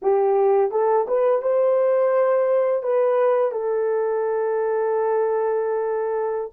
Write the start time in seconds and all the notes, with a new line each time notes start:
0.02 G4
0.71 A4
1.07 B4
1.41 C5
2.82 B4
3.51 A4